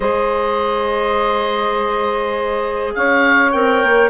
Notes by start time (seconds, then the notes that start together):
0.00 G#3 G#4 C5 D#5
2.94 C#4 C#5 F5
3.51 C4 A#4 G5
3.83 A#3